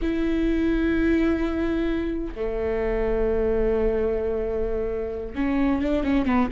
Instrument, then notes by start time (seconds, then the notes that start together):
viola
0.01 E4
2.35 A3
5.35 C#4
5.81 D4
6.03 C#4
6.25 B3